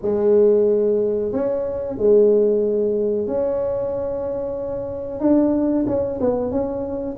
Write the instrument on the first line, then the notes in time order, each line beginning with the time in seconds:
tuba
0.02 G#3
1.32 C#4
1.97 G#3
3.27 C#4
5.20 D4
5.87 C#4
6.20 B3
6.51 C#4